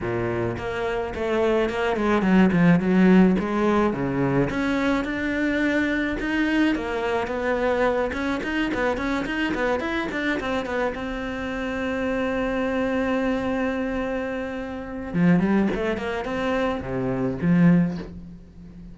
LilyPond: \new Staff \with { instrumentName = "cello" } { \time 4/4 \tempo 4 = 107 ais,4 ais4 a4 ais8 gis8 | fis8 f8 fis4 gis4 cis4 | cis'4 d'2 dis'4 | ais4 b4. cis'8 dis'8 b8 |
cis'8 dis'8 b8 e'8 d'8 c'8 b8 c'8~ | c'1~ | c'2. f8 g8 | a8 ais8 c'4 c4 f4 | }